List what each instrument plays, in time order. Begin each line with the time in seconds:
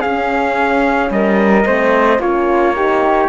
0.00 horn C#4, cello C#4, flute G#4, trumpet F5
1.11 cello G3, flute A#4, trumpet D#5
1.66 cello A3, horn C4, flute C5
2.20 cello A#3, horn C#4, flute F4, trumpet C#5
2.75 horn D#4, flute G4